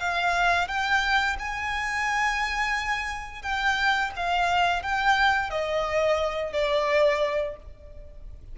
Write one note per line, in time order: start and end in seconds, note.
0.00 0.68 F5
0.68 1.37 G5
1.39 3.42 G#5
3.42 4.11 G5
4.17 4.83 F5
4.83 5.50 G5
5.50 6.53 D#5
6.53 7.56 D5